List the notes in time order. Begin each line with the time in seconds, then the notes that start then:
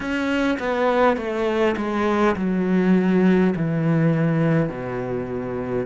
0.00 C#4
0.59 B3
1.17 A3
1.76 G#3
2.36 F#3
3.56 E3
4.69 B2